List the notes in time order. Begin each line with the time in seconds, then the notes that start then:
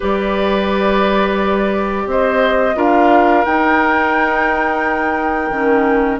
0.00 G3 G4 B4 D5
2.06 C4 C5 D#5
2.75 D4 F4 A#4 F5
3.45 D#4 G5
5.50 D#3 C#4